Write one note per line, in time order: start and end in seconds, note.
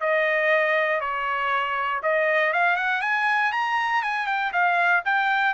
0.00 1.00 D#5
1.00 2.01 C#5
2.02 2.53 D#5
2.53 2.76 F5
2.76 3.01 F#5
3.01 3.52 G#5
3.52 4.02 A#5
4.02 4.26 G#5
4.26 4.51 G5
4.52 5.03 F5
5.05 5.54 G5